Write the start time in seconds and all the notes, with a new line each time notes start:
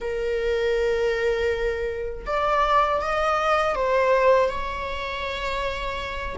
0.00 A#4
2.26 D5
3.01 D#5
3.75 C5
4.48 C#5